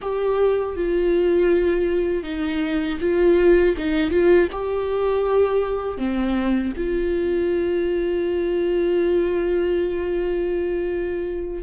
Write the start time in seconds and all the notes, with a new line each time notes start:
0.01 G4
0.76 F4
2.23 D#4
3.00 F4
3.77 D#4
4.10 F4
4.51 G4
5.97 C4
6.76 F4